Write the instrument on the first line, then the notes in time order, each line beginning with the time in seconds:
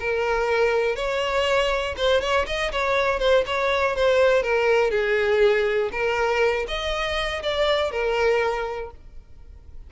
violin
0.00 A#4
0.96 C#5
1.98 C5
2.22 C#5
2.47 D#5
2.72 C#5
3.20 C5
3.46 C#5
3.96 C5
4.43 A#4
4.91 G#4
5.92 A#4
6.68 D#5
7.43 D5
7.92 A#4